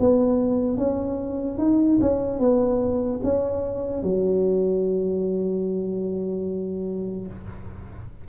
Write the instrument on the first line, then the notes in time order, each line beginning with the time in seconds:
tuba
0.00 B3
0.78 C#4
1.58 D#4
2.01 C#4
2.40 B3
3.24 C#4
4.03 F#3